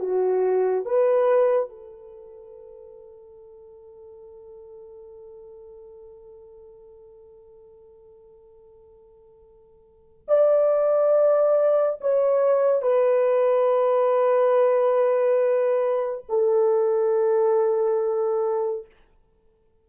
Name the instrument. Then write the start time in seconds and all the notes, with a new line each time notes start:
horn
0.00 F#4
0.86 B4
1.69 A4
10.29 D5
12.02 C#5
12.82 B4
16.29 A4